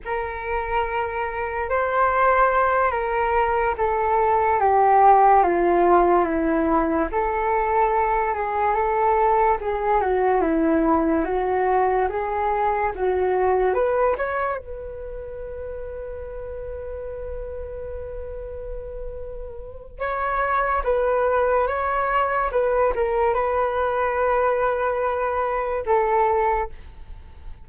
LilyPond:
\new Staff \with { instrumentName = "flute" } { \time 4/4 \tempo 4 = 72 ais'2 c''4. ais'8~ | ais'8 a'4 g'4 f'4 e'8~ | e'8 a'4. gis'8 a'4 gis'8 | fis'8 e'4 fis'4 gis'4 fis'8~ |
fis'8 b'8 cis''8 b'2~ b'8~ | b'1 | cis''4 b'4 cis''4 b'8 ais'8 | b'2. a'4 | }